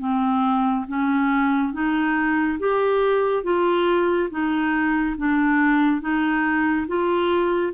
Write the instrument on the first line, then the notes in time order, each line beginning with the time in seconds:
clarinet
0.00 C4
0.88 C#4
1.73 D#4
2.59 G4
3.44 F4
4.31 D#4
5.18 D4
6.02 D#4
6.88 F4